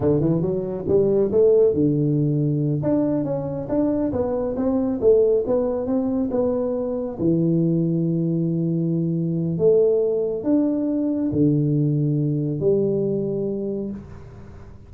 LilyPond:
\new Staff \with { instrumentName = "tuba" } { \time 4/4 \tempo 4 = 138 d8 e8 fis4 g4 a4 | d2~ d8 d'4 cis'8~ | cis'8 d'4 b4 c'4 a8~ | a8 b4 c'4 b4.~ |
b8 e2.~ e8~ | e2 a2 | d'2 d2~ | d4 g2. | }